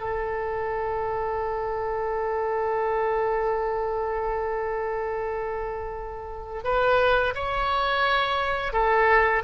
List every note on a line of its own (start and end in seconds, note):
0.00 6.63 A4
6.64 7.34 B4
7.34 8.73 C#5
8.73 9.42 A4